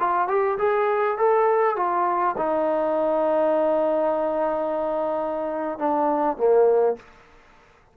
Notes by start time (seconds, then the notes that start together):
0.00 F4
0.28 G4
0.59 G#4
1.18 A4
1.77 F4
2.38 D#4
5.79 D4
6.37 A#3